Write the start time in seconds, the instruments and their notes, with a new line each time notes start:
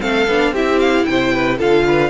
0.00 cello A3, viola C4, violin A4 F5
0.27 cello B3, viola D4
0.52 cello C4, viola E4, violin G4 E5
0.79 violin F5
1.06 cello C3, violin C5 G5
1.33 violin B4
1.58 cello D3, viola F4, violin A4 F5
1.87 violin B4